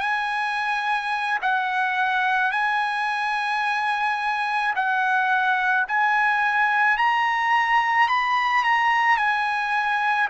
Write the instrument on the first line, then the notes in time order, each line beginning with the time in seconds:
trumpet
0.00 G#5
1.42 F#5
2.52 G#5
4.76 F#5
5.88 G#5
6.97 A#5
8.09 B5
8.64 A#5
9.17 G#5